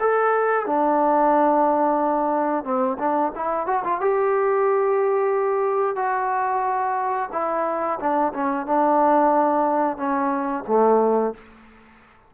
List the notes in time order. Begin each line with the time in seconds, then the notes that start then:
0.00 A4
0.67 D4
2.65 C4
2.99 D4
3.36 E4
3.67 F#4
3.85 F4
4.01 G4
5.96 F#4
7.32 E4
8.00 D4
8.34 C#4
8.67 D4
9.98 C#4
10.68 A3